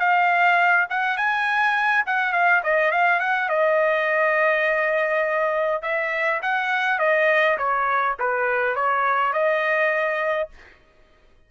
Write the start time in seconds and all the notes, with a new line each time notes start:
0.00 F5
0.90 F#5
1.17 G#5
2.07 F#5
2.33 F5
2.64 D#5
2.92 F5
3.20 F#5
3.49 D#5
5.83 E5
6.42 F#5
6.99 D#5
7.58 C#5
8.20 B4
8.76 C#5
9.33 D#5